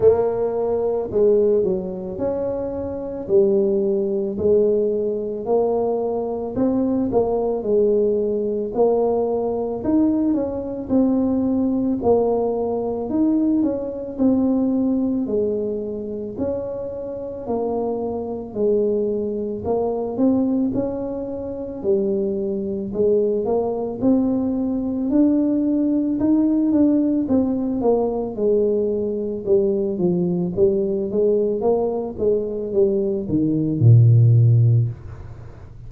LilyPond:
\new Staff \with { instrumentName = "tuba" } { \time 4/4 \tempo 4 = 55 ais4 gis8 fis8 cis'4 g4 | gis4 ais4 c'8 ais8 gis4 | ais4 dis'8 cis'8 c'4 ais4 | dis'8 cis'8 c'4 gis4 cis'4 |
ais4 gis4 ais8 c'8 cis'4 | g4 gis8 ais8 c'4 d'4 | dis'8 d'8 c'8 ais8 gis4 g8 f8 | g8 gis8 ais8 gis8 g8 dis8 ais,4 | }